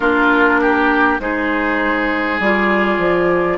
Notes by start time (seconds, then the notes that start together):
0.00 A#3 D4 F4 A#4
0.61 G4
1.20 G#3 D#4 G#4 C5
2.39 G3 F4 D5
2.98 F3